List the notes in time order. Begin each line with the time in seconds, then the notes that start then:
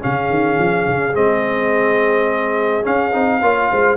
0.00 C#3 C#4 G#4 F5
0.30 D#3
0.58 F3
0.88 C#3
1.13 G#3 C4 D#5
2.83 C#4 F5
3.12 C4 D#4
3.42 A#3 F4 C#5
3.71 G#3 C5